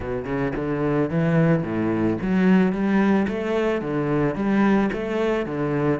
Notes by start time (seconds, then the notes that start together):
0.00 B2
0.25 C#3
0.55 D3
1.10 E3
1.63 A2
2.21 F#3
2.72 G3
3.28 A3
3.81 D3
4.35 G3
4.92 A3
5.46 D3